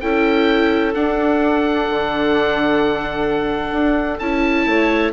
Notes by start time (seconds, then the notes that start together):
0.00 C#4 E4 A4 G5
0.94 D4 F#5
1.90 D3
3.71 D4
4.19 C#4 E4 A5
4.66 A3 C#5